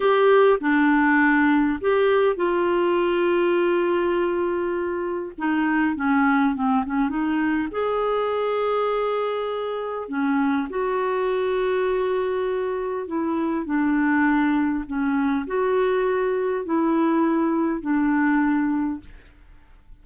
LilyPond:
\new Staff \with { instrumentName = "clarinet" } { \time 4/4 \tempo 4 = 101 g'4 d'2 g'4 | f'1~ | f'4 dis'4 cis'4 c'8 cis'8 | dis'4 gis'2.~ |
gis'4 cis'4 fis'2~ | fis'2 e'4 d'4~ | d'4 cis'4 fis'2 | e'2 d'2 | }